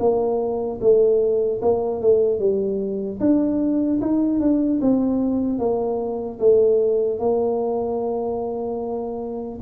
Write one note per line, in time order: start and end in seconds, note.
0.00 0.80 A#3
0.81 1.61 A3
1.62 2.01 A#3
2.01 2.39 A3
2.39 3.19 G3
3.20 4.00 D4
4.01 4.40 D#4
4.40 4.80 D4
4.81 5.59 C4
5.59 6.39 A#3
6.40 7.19 A3
7.19 9.59 A#3